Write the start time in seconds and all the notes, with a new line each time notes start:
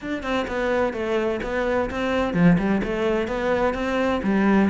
0.01 D4
0.22 C4
0.47 B3
0.93 A3
1.43 B3
1.90 C4
2.33 F3
2.58 G3
2.83 A3
3.27 B3
3.74 C4
4.23 G3